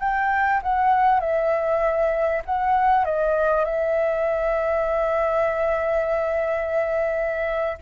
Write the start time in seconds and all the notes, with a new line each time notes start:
0.00 G5
0.63 F#5
1.20 E5
2.45 F#5
3.05 D#5
3.65 E5